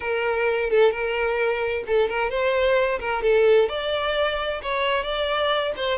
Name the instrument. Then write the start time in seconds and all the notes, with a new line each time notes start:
violin
0.00 A#4
0.69 A4
0.91 A#4
1.87 A4
2.08 A#4
2.30 C5
2.99 A#4
3.22 A4
3.68 D5
4.62 C#5
5.03 D5
5.76 C5